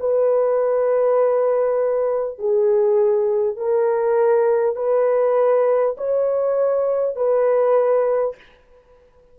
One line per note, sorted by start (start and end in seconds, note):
0.00 2.39 B4
2.39 3.57 G#4
3.57 4.76 A#4
4.76 5.96 B4
5.98 7.16 C#5
7.16 8.36 B4